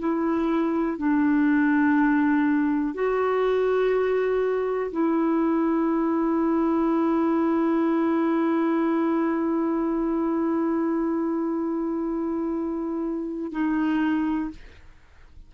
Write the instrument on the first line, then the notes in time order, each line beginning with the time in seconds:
clarinet
0.00 E4
0.98 D4
2.95 F#4
4.92 E4
13.52 D#4